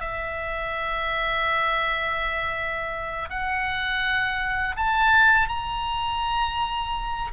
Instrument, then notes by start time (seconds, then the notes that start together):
oboe
0.00 E5
3.30 F#5
4.77 A5
5.49 A#5